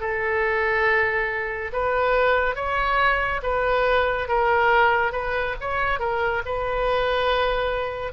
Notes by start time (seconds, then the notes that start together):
0.00 A4
1.73 B4
2.55 C#5
3.42 B4
4.28 A#4
5.12 B4
5.60 C#5
5.99 A#4
6.45 B4